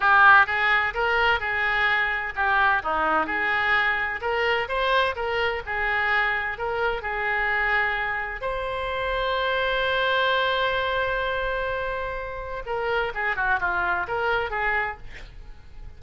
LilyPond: \new Staff \with { instrumentName = "oboe" } { \time 4/4 \tempo 4 = 128 g'4 gis'4 ais'4 gis'4~ | gis'4 g'4 dis'4 gis'4~ | gis'4 ais'4 c''4 ais'4 | gis'2 ais'4 gis'4~ |
gis'2 c''2~ | c''1~ | c''2. ais'4 | gis'8 fis'8 f'4 ais'4 gis'4 | }